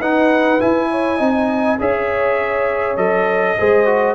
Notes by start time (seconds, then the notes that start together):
0.00 D#4 B4 F#5
0.60 E4 G#5
0.91 C#5
1.18 C4 D#4 D#5
1.80 C#4 G#4 C#5 E5
2.97 F#3 A4 D#5
3.58 G#3 G#4 C5
3.86 F#4